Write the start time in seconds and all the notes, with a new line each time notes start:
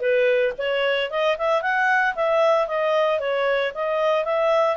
0.00 B4
0.58 C#5
1.10 D#5
1.38 E5
1.62 F#5
2.15 E5
2.67 D#5
3.19 C#5
3.74 D#5
4.24 E5